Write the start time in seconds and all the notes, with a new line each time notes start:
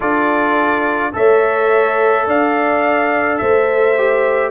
0.00 D4 F4 A4 D5
1.12 A3 A4 C#5 E5
2.26 D4 D5 F5
3.37 A3 C5 E5
3.97 G4